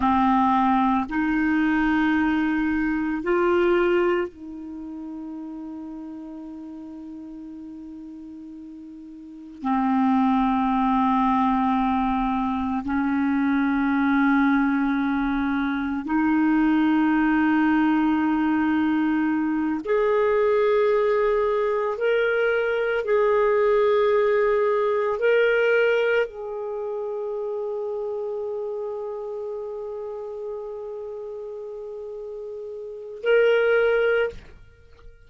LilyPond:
\new Staff \with { instrumentName = "clarinet" } { \time 4/4 \tempo 4 = 56 c'4 dis'2 f'4 | dis'1~ | dis'4 c'2. | cis'2. dis'4~ |
dis'2~ dis'8 gis'4.~ | gis'8 ais'4 gis'2 ais'8~ | ais'8 gis'2.~ gis'8~ | gis'2. ais'4 | }